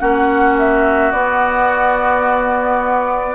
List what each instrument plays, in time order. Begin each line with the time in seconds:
0.00 bassoon A#3, clarinet C#4, oboe F#4, flute F#5
0.58 flute E5
1.12 bassoon B3, clarinet B3, flute D5